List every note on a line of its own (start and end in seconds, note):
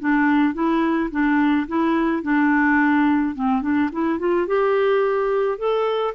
0.00 0.54 D4
0.54 1.10 E4
1.11 1.67 D4
1.68 2.23 E4
2.23 3.35 D4
3.35 3.62 C4
3.62 3.90 D4
3.93 4.19 E4
4.19 4.47 F4
4.47 5.58 G4
5.58 6.15 A4